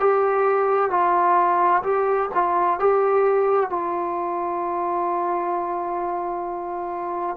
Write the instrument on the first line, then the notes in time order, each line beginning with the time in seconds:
trombone
0.00 G4
0.91 F4
1.83 G4
2.35 F4
2.80 G4
3.70 F4